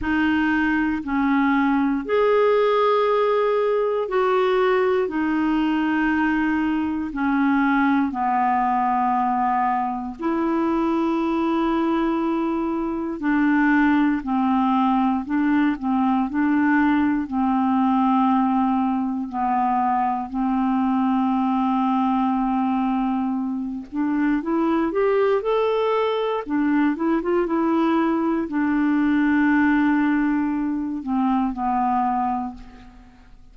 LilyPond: \new Staff \with { instrumentName = "clarinet" } { \time 4/4 \tempo 4 = 59 dis'4 cis'4 gis'2 | fis'4 dis'2 cis'4 | b2 e'2~ | e'4 d'4 c'4 d'8 c'8 |
d'4 c'2 b4 | c'2.~ c'8 d'8 | e'8 g'8 a'4 d'8 e'16 f'16 e'4 | d'2~ d'8 c'8 b4 | }